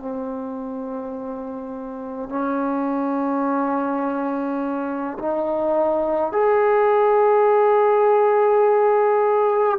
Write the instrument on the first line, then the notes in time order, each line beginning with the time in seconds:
trombone
0.00 C4
2.30 C#4
5.19 D#4
6.33 G#4